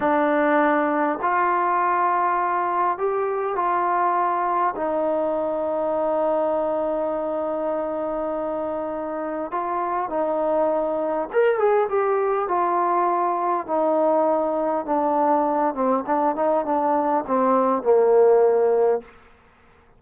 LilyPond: \new Staff \with { instrumentName = "trombone" } { \time 4/4 \tempo 4 = 101 d'2 f'2~ | f'4 g'4 f'2 | dis'1~ | dis'1 |
f'4 dis'2 ais'8 gis'8 | g'4 f'2 dis'4~ | dis'4 d'4. c'8 d'8 dis'8 | d'4 c'4 ais2 | }